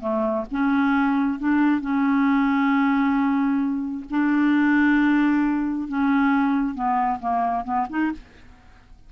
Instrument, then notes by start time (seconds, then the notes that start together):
clarinet
0.00 A3
0.51 C#4
1.39 D4
1.81 C#4
4.10 D4
5.88 C#4
6.74 B3
7.19 A#3
7.64 B3
7.89 D#4